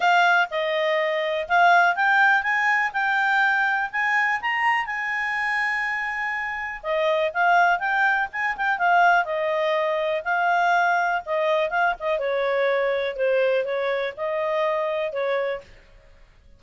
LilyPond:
\new Staff \with { instrumentName = "clarinet" } { \time 4/4 \tempo 4 = 123 f''4 dis''2 f''4 | g''4 gis''4 g''2 | gis''4 ais''4 gis''2~ | gis''2 dis''4 f''4 |
g''4 gis''8 g''8 f''4 dis''4~ | dis''4 f''2 dis''4 | f''8 dis''8 cis''2 c''4 | cis''4 dis''2 cis''4 | }